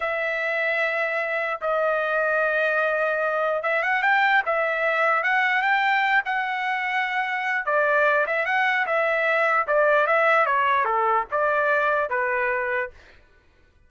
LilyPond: \new Staff \with { instrumentName = "trumpet" } { \time 4/4 \tempo 4 = 149 e''1 | dis''1~ | dis''4 e''8 fis''8 g''4 e''4~ | e''4 fis''4 g''4. fis''8~ |
fis''2. d''4~ | d''8 e''8 fis''4 e''2 | d''4 e''4 cis''4 a'4 | d''2 b'2 | }